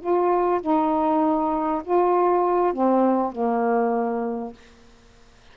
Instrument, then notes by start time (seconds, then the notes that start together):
saxophone
0.00 F4
0.61 D#4
1.84 F4
2.73 C4
3.32 A#3